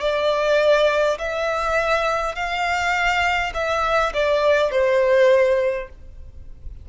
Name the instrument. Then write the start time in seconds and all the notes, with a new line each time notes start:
violin
0.00 D5
1.18 E5
2.35 F5
3.53 E5
4.13 D5
4.71 C5